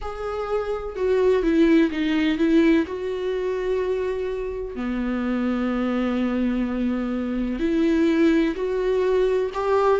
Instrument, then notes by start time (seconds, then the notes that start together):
viola
0.01 G#4
0.96 F#4
1.42 E4
1.91 D#4
2.37 E4
2.86 F#4
4.75 B3
7.59 E4
8.55 F#4
9.54 G4